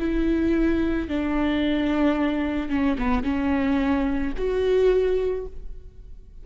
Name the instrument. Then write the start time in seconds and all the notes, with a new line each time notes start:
viola
0.00 E4
1.09 D4
2.70 C#4
2.99 B3
3.24 C#4
4.37 F#4